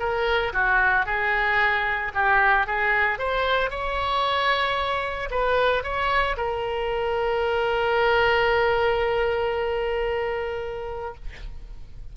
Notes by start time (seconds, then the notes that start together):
0.00 A#4
0.54 F#4
1.06 G#4
2.15 G4
2.67 G#4
3.19 C5
3.70 C#5
5.31 B4
5.84 C#5
6.37 A#4